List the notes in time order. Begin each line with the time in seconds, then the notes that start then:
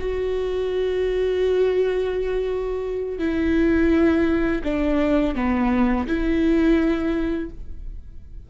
0.00 F#4
3.19 E4
4.64 D4
5.35 B3
6.07 E4